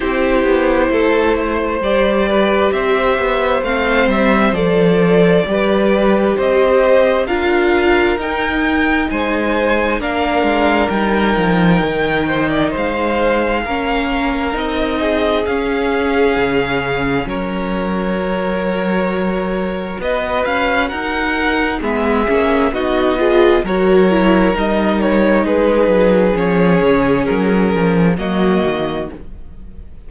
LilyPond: <<
  \new Staff \with { instrumentName = "violin" } { \time 4/4 \tempo 4 = 66 c''2 d''4 e''4 | f''8 e''8 d''2 dis''4 | f''4 g''4 gis''4 f''4 | g''2 f''2 |
dis''4 f''2 cis''4~ | cis''2 dis''8 f''8 fis''4 | e''4 dis''4 cis''4 dis''8 cis''8 | b'4 cis''4 ais'4 dis''4 | }
  \new Staff \with { instrumentName = "violin" } { \time 4/4 g'4 a'8 c''4 b'8 c''4~ | c''2 b'4 c''4 | ais'2 c''4 ais'4~ | ais'4. c''16 d''16 c''4 ais'4~ |
ais'8 gis'2~ gis'8 ais'4~ | ais'2 b'4 ais'4 | gis'4 fis'8 gis'8 ais'2 | gis'2. fis'4 | }
  \new Staff \with { instrumentName = "viola" } { \time 4/4 e'2 g'2 | c'4 a'4 g'2 | f'4 dis'2 d'4 | dis'2. cis'4 |
dis'4 cis'2. | fis'1 | b8 cis'8 dis'8 f'8 fis'8 e'8 dis'4~ | dis'4 cis'2 ais4 | }
  \new Staff \with { instrumentName = "cello" } { \time 4/4 c'8 b8 a4 g4 c'8 b8 | a8 g8 f4 g4 c'4 | d'4 dis'4 gis4 ais8 gis8 | g8 f8 dis4 gis4 ais4 |
c'4 cis'4 cis4 fis4~ | fis2 b8 cis'8 dis'4 | gis8 ais8 b4 fis4 g4 | gis8 fis8 f8 cis8 fis8 f8 fis8 dis8 | }
>>